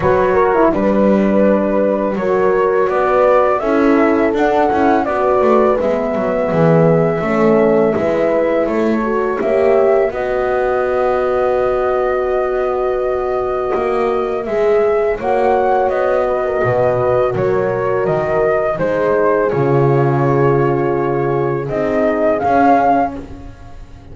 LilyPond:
<<
  \new Staff \with { instrumentName = "flute" } { \time 4/4 \tempo 4 = 83 cis''4 b'2 cis''4 | d''4 e''4 fis''4 d''4 | e''1 | cis''4 e''4 dis''2~ |
dis''1 | e''4 fis''4 dis''2 | cis''4 dis''4 c''4 cis''4~ | cis''2 dis''4 f''4 | }
  \new Staff \with { instrumentName = "horn" } { \time 4/4 b'8 ais'8 b'2 ais'4 | b'4 a'2 b'4~ | b'4 gis'4 a'4 b'4 | a'4 cis''4 b'2~ |
b'1~ | b'4 cis''4. b'16 ais'16 b'4 | ais'2 gis'2~ | gis'1 | }
  \new Staff \with { instrumentName = "horn" } { \time 4/4 fis'8. e'16 d'2 fis'4~ | fis'4 e'4 d'8 e'8 fis'4 | b2 cis'4 e'4~ | e'8 fis'8 g'4 fis'2~ |
fis'1 | gis'4 fis'2.~ | fis'2 dis'4 f'4~ | f'2 dis'4 cis'4 | }
  \new Staff \with { instrumentName = "double bass" } { \time 4/4 fis4 g2 fis4 | b4 cis'4 d'8 cis'8 b8 a8 | gis8 fis8 e4 a4 gis4 | a4 ais4 b2~ |
b2. ais4 | gis4 ais4 b4 b,4 | fis4 dis4 gis4 cis4~ | cis2 c'4 cis'4 | }
>>